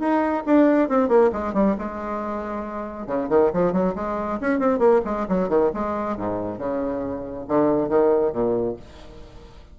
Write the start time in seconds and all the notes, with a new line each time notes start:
0.00 D#4
0.47 D4
0.89 C4
1.09 A#3
1.33 G#3
1.54 G3
1.79 G#3
3.07 C#3
3.30 D#3
3.54 F3
3.73 F#3
3.96 G#3
4.41 C#4
4.60 C4
4.79 A#3
5.05 G#3
5.29 F#3
5.49 D#3
5.75 G#3
6.17 G#2
6.59 C#3
7.49 D3
7.89 D#3
8.33 A#2